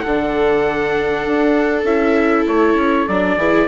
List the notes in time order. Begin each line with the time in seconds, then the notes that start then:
0.00 D3 A4 F#5
0.08 D4
1.26 D4
1.83 C#4 E4 E5
2.47 A3 C#5
2.74 C#4
3.08 F#3 D4 D5
3.36 E3 E4 G#4